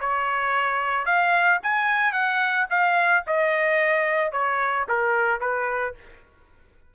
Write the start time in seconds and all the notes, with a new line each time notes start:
0.00 C#5
1.06 F5
1.63 G#5
2.13 F#5
2.70 F5
3.27 D#5
4.32 C#5
4.89 A#4
5.41 B4